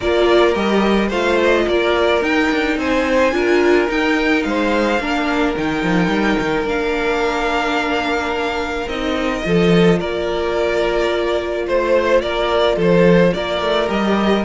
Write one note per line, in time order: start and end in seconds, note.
0.00 0.55 A#3
0.00 0.54 F4
0.00 1.08 A#4
0.00 0.54 D5
0.54 1.10 G3
0.54 1.10 G4
0.54 1.09 D#5
1.08 1.66 A3
1.08 2.22 F4
1.08 1.63 C5
1.08 1.39 F5
1.43 1.68 D#5
1.67 2.21 A#3
1.67 2.78 A#4
1.67 2.22 D5
2.21 2.49 D#4
2.21 3.31 D#4
2.21 2.78 G5
2.50 2.77 D4
2.77 3.32 C4
2.77 3.34 C5
2.77 3.90 G#5
3.31 3.87 D4
3.31 3.87 F4
3.31 4.47 A#4
3.87 4.98 D#4
3.87 4.44 D#4
3.87 4.43 G5
4.43 4.98 G#3
4.43 5.01 C5
4.43 5.54 F5
4.98 5.54 A#3
4.98 5.56 D4
4.98 9.45 A#4
5.56 5.83 D#3
5.56 6.64 D#4
5.56 6.68 G5
5.83 6.07 F3
6.07 6.35 G3
6.39 6.64 D#3
6.64 8.86 A#3
6.64 8.87 D4
6.64 8.88 F5
8.87 9.42 C4
8.87 9.43 D#4
8.87 9.99 D#5
9.43 10.00 F3
9.43 13.86 F4
9.43 9.99 A4
9.99 11.67 A#3
9.99 11.66 A#4
9.99 11.66 D5
11.66 12.22 A3
11.66 12.22 C5
11.66 12.21 C5
12.21 12.76 A#3
12.21 12.76 A#4
12.21 12.76 D5
12.76 13.32 F3
12.76 13.31 A4
12.76 13.33 C5
13.33 13.61 A#3
13.33 14.44 A#4
13.33 13.89 D5
13.61 13.88 A3
13.86 14.44 G3
13.86 14.42 G4
13.86 14.44 D#5